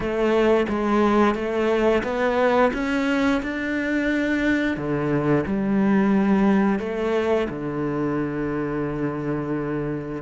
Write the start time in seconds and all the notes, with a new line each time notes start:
0.00 A3
0.68 G#3
1.35 A3
2.03 B3
2.73 C#4
3.42 D4
4.76 D3
5.46 G3
6.79 A3
7.49 D3